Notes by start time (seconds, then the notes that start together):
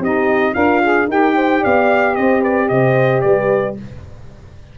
0.00 C4 D#4 G4 D#5
0.54 D4 F4 A#4 F5
0.83 G#4
1.07 D#4 G4 A#4 G5
1.35 C5
1.61 B3 D5 F5
2.16 C4 C5 D#5
2.41 B4 D5
2.69 C3 C5 D#5
3.21 G3 B4 D5